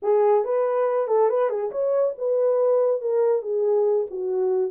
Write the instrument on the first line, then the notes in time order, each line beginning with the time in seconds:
horn
0.02 G#4
0.44 B4
1.07 A4
1.29 B4
1.49 G#4
1.71 C#5
2.17 B4
3.01 A#4
3.42 G#4
4.10 F#4